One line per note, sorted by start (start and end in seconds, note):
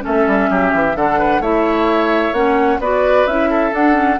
0.00 0.92 C#4
0.00 0.50 A4
0.00 0.96 E5
0.06 0.26 A3
0.26 0.49 G3
0.50 0.73 F#3
0.50 0.96 G4
0.73 0.95 E3
0.95 1.40 D3
0.95 1.42 D4
0.95 1.18 A4
0.95 1.41 F#5
1.18 1.41 B4
1.40 2.32 A3
1.40 2.33 E4
1.40 2.79 C#5
1.40 2.33 E5
2.32 2.78 A#3
2.32 2.79 C#4
2.32 2.80 F#5
2.79 3.25 B3
2.79 3.28 F#4
2.79 3.49 B4
2.79 3.27 D5
3.26 3.72 C#4
3.26 3.71 E4
3.26 3.73 E5
3.50 4.19 A4
3.71 3.92 D4
3.71 4.18 D4
3.71 4.20 F#5
3.92 4.15 C#4